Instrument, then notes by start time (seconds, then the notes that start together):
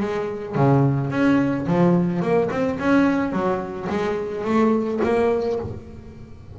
double bass
0.00 G#3
0.55 C#3
1.11 C#4
1.67 F3
2.22 A#3
2.51 C4
2.80 C#4
3.32 F#3
3.90 G#3
4.44 A3
5.04 A#3